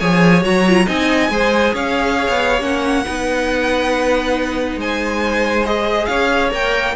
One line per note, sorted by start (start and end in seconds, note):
0.00 0.44 F3
0.00 0.42 G#4
0.00 0.86 C#5
0.00 0.44 G#5
0.42 0.87 F#3
0.42 0.64 F#4
0.42 0.88 A#5
0.69 0.87 F4
0.86 1.30 C4
0.86 1.30 D#4
0.86 1.30 D#5
0.86 1.75 G#5
1.30 1.73 G#3
1.30 2.61 G#4
1.30 1.74 C5
1.74 2.29 C#4
1.74 3.05 C#5
1.74 2.63 F5
2.29 2.61 B3
2.61 3.05 A#3
2.61 3.04 C#4
2.61 4.80 F#5
3.05 4.77 B3
3.05 5.65 D#4
3.05 4.79 B4
4.77 6.07 G#3
4.77 6.09 C5
4.77 5.66 G#5
5.65 6.51 G#4
5.65 6.07 D#5
6.07 6.53 C#4
6.07 6.96 C#5
6.07 6.50 F5
6.51 6.97 A#3
6.51 6.94 A#4
6.51 6.97 G5